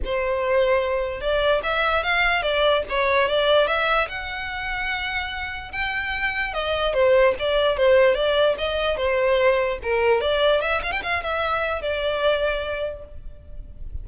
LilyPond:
\new Staff \with { instrumentName = "violin" } { \time 4/4 \tempo 4 = 147 c''2. d''4 | e''4 f''4 d''4 cis''4 | d''4 e''4 fis''2~ | fis''2 g''2 |
dis''4 c''4 d''4 c''4 | d''4 dis''4 c''2 | ais'4 d''4 e''8 f''16 g''16 f''8 e''8~ | e''4 d''2. | }